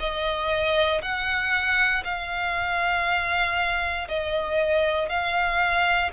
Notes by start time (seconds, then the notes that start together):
0.00 D#5
1.02 F#5
2.04 F5
4.08 D#5
5.09 F5